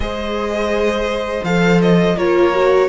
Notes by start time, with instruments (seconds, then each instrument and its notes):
0.00 cello G#3, viola G#4, violin C5 D#5
1.43 cello F3, viola A4, violin F5
1.81 violin D#5
2.16 cello A#3, viola F4, violin A#4 C#5
2.53 viola F#4